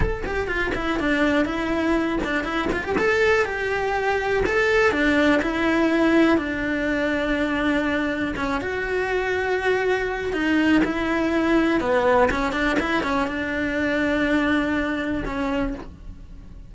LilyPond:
\new Staff \with { instrumentName = "cello" } { \time 4/4 \tempo 4 = 122 a'8 g'8 f'8 e'8 d'4 e'4~ | e'8 d'8 e'8 f'16 g'16 a'4 g'4~ | g'4 a'4 d'4 e'4~ | e'4 d'2.~ |
d'4 cis'8 fis'2~ fis'8~ | fis'4 dis'4 e'2 | b4 cis'8 d'8 e'8 cis'8 d'4~ | d'2. cis'4 | }